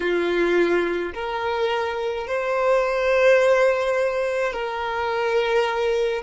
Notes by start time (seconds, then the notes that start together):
0.00 F4
1.13 A#4
2.26 C5
4.52 A#4